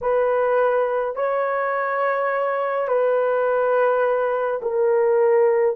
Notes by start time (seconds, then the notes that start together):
0.01 B4
1.15 C#5
2.87 B4
4.62 A#4